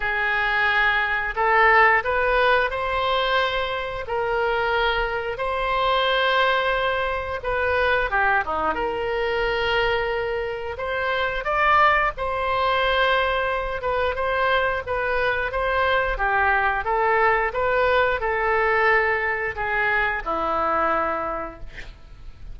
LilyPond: \new Staff \with { instrumentName = "oboe" } { \time 4/4 \tempo 4 = 89 gis'2 a'4 b'4 | c''2 ais'2 | c''2. b'4 | g'8 dis'8 ais'2. |
c''4 d''4 c''2~ | c''8 b'8 c''4 b'4 c''4 | g'4 a'4 b'4 a'4~ | a'4 gis'4 e'2 | }